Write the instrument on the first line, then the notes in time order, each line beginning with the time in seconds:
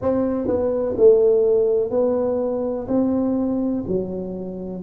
tuba
0.01 C4
0.47 B3
0.97 A3
1.90 B3
2.87 C4
3.87 F#3